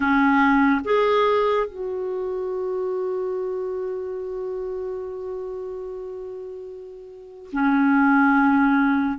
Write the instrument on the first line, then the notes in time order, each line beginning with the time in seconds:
clarinet
0.00 C#4
0.84 G#4
1.67 F#4
7.52 C#4